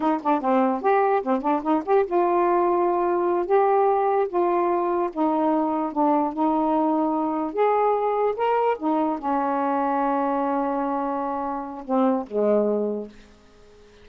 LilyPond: \new Staff \with { instrumentName = "saxophone" } { \time 4/4 \tempo 4 = 147 dis'8 d'8 c'4 g'4 c'8 d'8 | dis'8 g'8 f'2.~ | f'8 g'2 f'4.~ | f'8 dis'2 d'4 dis'8~ |
dis'2~ dis'8 gis'4.~ | gis'8 ais'4 dis'4 cis'4.~ | cis'1~ | cis'4 c'4 gis2 | }